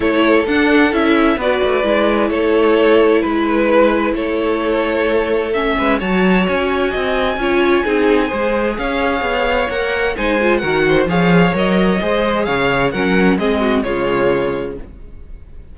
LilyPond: <<
  \new Staff \with { instrumentName = "violin" } { \time 4/4 \tempo 4 = 130 cis''4 fis''4 e''4 d''4~ | d''4 cis''2 b'4~ | b'4 cis''2. | e''4 a''4 gis''2~ |
gis''2. f''4~ | f''4 fis''4 gis''4 fis''4 | f''4 dis''2 f''4 | fis''4 dis''4 cis''2 | }
  \new Staff \with { instrumentName = "violin" } { \time 4/4 a'2. b'4~ | b'4 a'2 b'4~ | b'4 a'2.~ | a'8 b'8 cis''2 dis''4 |
cis''4 gis'4 c''4 cis''4~ | cis''2 c''4 ais'8 c''8 | cis''2 c''4 cis''4 | ais'4 gis'8 fis'8 f'2 | }
  \new Staff \with { instrumentName = "viola" } { \time 4/4 e'4 d'4 e'4 fis'4 | e'1~ | e'1 | cis'4 fis'2. |
f'4 dis'4 gis'2~ | gis'4 ais'4 dis'8 f'8 fis'4 | gis'4 ais'4 gis'2 | cis'4 c'4 gis2 | }
  \new Staff \with { instrumentName = "cello" } { \time 4/4 a4 d'4 cis'4 b8 a8 | gis4 a2 gis4~ | gis4 a2.~ | a8 gis8 fis4 cis'4 c'4 |
cis'4 c'4 gis4 cis'4 | b4 ais4 gis4 dis4 | f4 fis4 gis4 cis4 | fis4 gis4 cis2 | }
>>